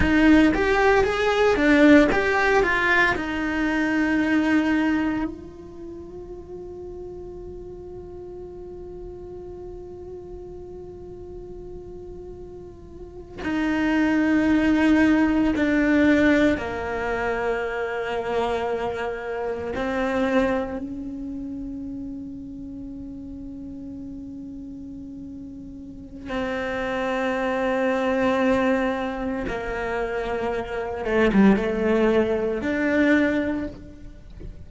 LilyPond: \new Staff \with { instrumentName = "cello" } { \time 4/4 \tempo 4 = 57 dis'8 g'8 gis'8 d'8 g'8 f'8 dis'4~ | dis'4 f'2.~ | f'1~ | f'8. dis'2 d'4 ais16~ |
ais2~ ais8. c'4 cis'16~ | cis'1~ | cis'4 c'2. | ais4. a16 g16 a4 d'4 | }